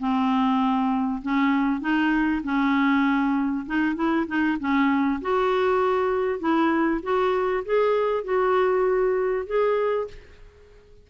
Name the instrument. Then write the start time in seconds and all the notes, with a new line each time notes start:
clarinet
0.00 C4
1.23 C#4
1.81 D#4
2.44 C#4
3.67 D#4
3.96 E4
4.27 D#4
4.60 C#4
5.22 F#4
6.40 E4
7.03 F#4
7.66 G#4
8.25 F#4
9.47 G#4